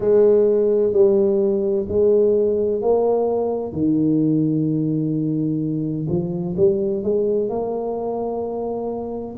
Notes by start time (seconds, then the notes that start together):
0.00 G#3
0.92 G3
1.88 G#3
2.81 A#3
3.72 D#3
6.08 F3
6.56 G3
7.03 G#3
7.49 A#3